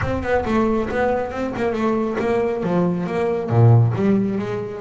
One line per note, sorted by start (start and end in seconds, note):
0.01 0.22 C4
0.22 0.44 B3
0.45 0.89 A3
0.89 1.31 B3
1.31 1.53 C4
1.56 1.73 A#3
1.73 2.16 A3
2.19 2.63 A#3
2.63 3.06 F3
3.06 3.49 A#3
3.49 3.93 A#2
3.95 4.38 G3
4.38 4.81 G#3